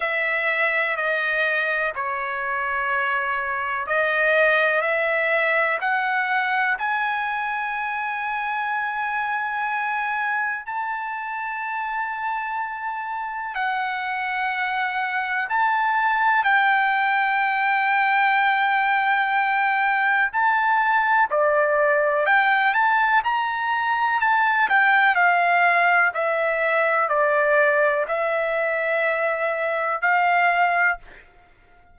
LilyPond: \new Staff \with { instrumentName = "trumpet" } { \time 4/4 \tempo 4 = 62 e''4 dis''4 cis''2 | dis''4 e''4 fis''4 gis''4~ | gis''2. a''4~ | a''2 fis''2 |
a''4 g''2.~ | g''4 a''4 d''4 g''8 a''8 | ais''4 a''8 g''8 f''4 e''4 | d''4 e''2 f''4 | }